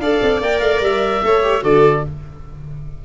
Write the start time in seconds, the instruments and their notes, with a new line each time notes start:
0.00 tuba D4, viola A4, violin D5, oboe F5
0.22 tuba C4
0.41 tuba A#3, viola A#4, oboe G5
0.60 tuba A3, oboe F5
0.81 tuba G3, oboe E5
1.23 tuba A3, viola A4, violin C#5
1.43 viola G4
1.62 tuba D3, viola F#4, violin A4, oboe D5